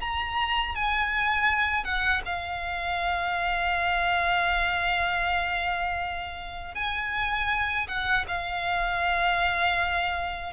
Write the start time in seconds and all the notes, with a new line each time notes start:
0.00 A#5
0.75 G#5
1.84 F#5
2.25 F5
6.75 G#5
7.88 F#5
8.28 F5